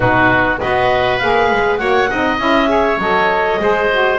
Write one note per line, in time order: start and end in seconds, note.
0.00 0.59 B2
0.00 0.58 D#4
0.00 0.60 F#4
0.00 0.59 B4
0.60 1.23 B3
0.60 1.21 F#4
0.60 1.79 B4
0.60 1.18 D#5
1.18 1.51 A#3
1.18 1.79 G#4
1.18 1.76 F5
1.51 1.79 G#3
1.76 2.09 A#3
1.76 2.09 F#4
1.76 2.09 C#5
1.76 2.36 F#5
2.10 2.39 C4
2.10 2.39 D#4
2.10 2.70 D#5
2.39 2.97 C#4
2.39 2.67 E4
2.39 3.00 E5
2.67 2.97 G#4
2.67 3.60 C#5
2.97 3.57 F#3
2.97 3.60 A4
2.97 4.18 D#5
3.59 4.18 G#3
3.59 3.90 G#4
3.59 4.18 C5
3.91 4.18 F#4